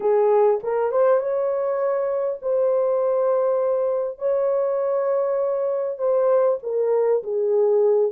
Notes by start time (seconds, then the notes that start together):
0.00 G#4
0.63 A#4
0.91 C5
1.19 C#5
2.42 C5
4.18 C#5
5.98 C5
6.62 A#4
7.23 G#4